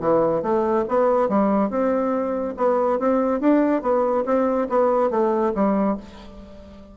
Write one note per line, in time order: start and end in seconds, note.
0.00 0.42 E3
0.42 0.85 A3
0.88 1.29 B3
1.29 1.70 G3
1.70 2.55 C4
2.57 2.99 B3
2.99 3.40 C4
3.40 3.82 D4
3.82 4.24 B3
4.25 4.68 C4
4.69 5.10 B3
5.10 5.53 A3
5.55 5.97 G3